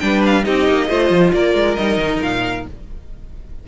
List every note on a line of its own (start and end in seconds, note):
0.00 0.46 G3
0.00 0.44 D4
0.00 0.46 B4
0.00 0.22 G5
0.26 0.44 F5
0.44 0.69 C4
0.44 0.88 D#4
0.44 0.89 G4
0.44 1.33 D#5
0.69 0.90 A#3
0.89 1.10 A3
0.89 1.78 F4
0.89 1.33 C5
1.10 1.33 F3
1.33 1.55 A#3
1.33 2.68 A#4
1.33 1.76 D5
1.55 1.77 G#3
1.76 1.98 G3
1.76 2.68 D#4
1.76 2.20 D#5
1.98 2.20 D#3
2.22 2.66 A#2
2.22 2.67 F5